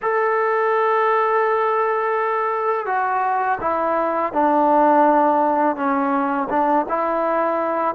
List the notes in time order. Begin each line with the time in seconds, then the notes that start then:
0.02 A4
2.86 F#4
3.60 E4
4.32 D4
5.75 C#4
6.49 D4
6.88 E4